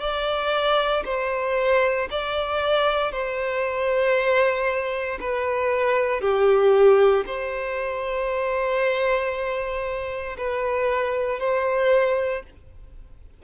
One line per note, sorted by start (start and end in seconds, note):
0.00 1.03 D5
1.06 2.09 C5
2.11 3.12 D5
3.12 5.19 C5
5.21 6.21 B4
6.21 7.25 G4
7.27 10.37 C5
10.38 11.40 B4
11.40 12.43 C5